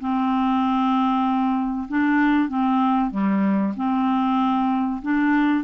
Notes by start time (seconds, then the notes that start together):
0.00 C4
1.89 D4
2.49 C4
3.11 G3
3.76 C4
5.02 D4